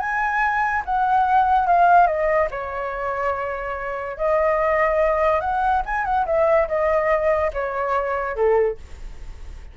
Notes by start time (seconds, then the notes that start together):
0.00 G#5
0.86 F#5
1.67 F5
2.07 D#5
2.51 C#5
4.18 D#5
5.41 F#5
5.86 G#5
6.05 F#5
6.27 E5
6.68 D#5
7.53 C#5
8.36 A4